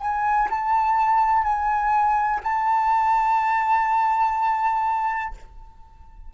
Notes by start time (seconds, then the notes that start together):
0.00 G#5
0.50 A5
1.43 G#5
2.43 A5